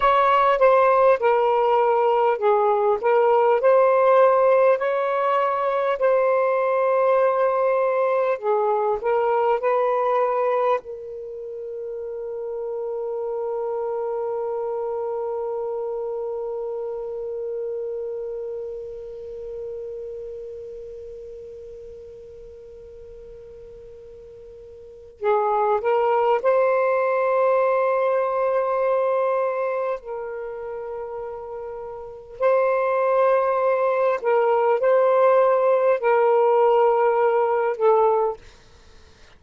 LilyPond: \new Staff \with { instrumentName = "saxophone" } { \time 4/4 \tempo 4 = 50 cis''8 c''8 ais'4 gis'8 ais'8 c''4 | cis''4 c''2 gis'8 ais'8 | b'4 ais'2.~ | ais'1~ |
ais'1~ | ais'4 gis'8 ais'8 c''2~ | c''4 ais'2 c''4~ | c''8 ais'8 c''4 ais'4. a'8 | }